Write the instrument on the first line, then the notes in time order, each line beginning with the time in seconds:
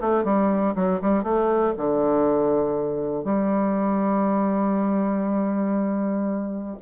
bassoon
0.00 A3
0.24 G3
0.75 F#3
1.01 G3
1.23 A3
1.77 D3
3.24 G3